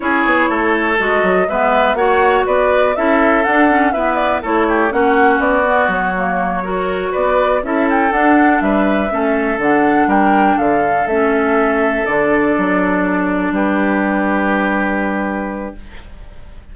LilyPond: <<
  \new Staff \with { instrumentName = "flute" } { \time 4/4 \tempo 4 = 122 cis''2 dis''4 e''4 | fis''4 d''4 e''4 fis''4 | e''8 d''8 cis''4 fis''4 d''4 | cis''2~ cis''8 d''4 e''8 |
g''8 fis''4 e''2 fis''8~ | fis''8 g''4 f''4 e''4.~ | e''8 d''2. b'8~ | b'1 | }
  \new Staff \with { instrumentName = "oboe" } { \time 4/4 gis'4 a'2 b'4 | cis''4 b'4 a'2 | b'4 a'8 g'8 fis'2~ | fis'4. ais'4 b'4 a'8~ |
a'4. b'4 a'4.~ | a'8 ais'4 a'2~ a'8~ | a'2.~ a'8 g'8~ | g'1 | }
  \new Staff \with { instrumentName = "clarinet" } { \time 4/4 e'2 fis'4 b4 | fis'2 e'4 d'8 cis'8 | b4 e'4 cis'4. b8~ | b8 ais4 fis'2 e'8~ |
e'8 d'2 cis'4 d'8~ | d'2~ d'8 cis'4.~ | cis'8 d'2.~ d'8~ | d'1 | }
  \new Staff \with { instrumentName = "bassoon" } { \time 4/4 cis'8 b8 a4 gis8 fis8 gis4 | ais4 b4 cis'4 d'4 | e'4 a4 ais4 b4 | fis2~ fis8 b4 cis'8~ |
cis'8 d'4 g4 a4 d8~ | d8 g4 d4 a4.~ | a8 d4 fis2 g8~ | g1 | }
>>